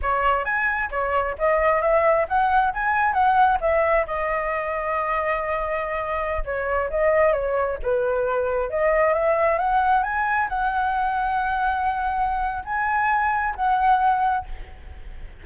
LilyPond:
\new Staff \with { instrumentName = "flute" } { \time 4/4 \tempo 4 = 133 cis''4 gis''4 cis''4 dis''4 | e''4 fis''4 gis''4 fis''4 | e''4 dis''2.~ | dis''2~ dis''16 cis''4 dis''8.~ |
dis''16 cis''4 b'2 dis''8.~ | dis''16 e''4 fis''4 gis''4 fis''8.~ | fis''1 | gis''2 fis''2 | }